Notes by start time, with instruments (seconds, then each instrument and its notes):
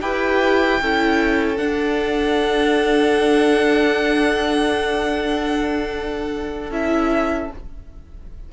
0.00 cello E4, viola G4, violin B4 G5
0.81 cello C#4, viola E4, violin A4
1.57 viola D4, cello D4, violin F#5
6.70 cello C#4, viola E4, violin E5